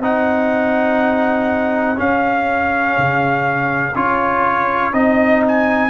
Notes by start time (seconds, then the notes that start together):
0.00 C4 D#4 G#4 F#5
1.97 C#4 F5
2.97 C#3
3.95 C#4 F4 C#5
4.93 C4 D#4 D#5
5.48 G#5